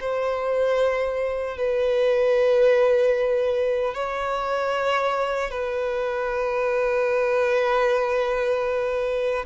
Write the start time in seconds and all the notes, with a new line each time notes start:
0.00 C5
1.57 B4
3.94 C#5
5.51 B4